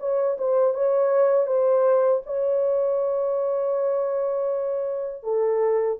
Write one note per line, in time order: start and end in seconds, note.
0.00 0.38 C#5
0.38 0.74 C5
0.74 1.47 C#5
1.47 2.22 C5
2.26 5.24 C#5
5.24 5.99 A4